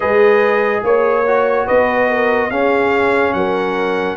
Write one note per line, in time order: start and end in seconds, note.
0.00 0.83 G#3
0.00 1.24 G#4
0.00 0.83 B4
0.00 0.83 D#5
0.83 1.66 A#3
0.83 1.67 C#5
0.83 1.66 C#5
1.27 2.51 F#4
1.66 2.50 B3
1.66 2.07 B4
1.66 2.50 D#5
2.08 2.49 A#4
2.50 3.33 C#4
2.50 4.16 C#4
2.50 3.33 G#4
2.50 3.33 F5
3.33 4.16 F#3
3.33 4.16 A#4
3.33 4.16 F#5